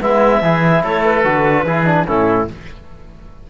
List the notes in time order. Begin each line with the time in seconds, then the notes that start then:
0.00 G#3 B3 E4 E5
0.41 E3 E4 G#4
0.83 A3 A4 C#5
1.04 B4
1.24 D3 F#4
1.63 E3 E4 G#4
1.85 D4
2.05 A2 C#4 E4 A4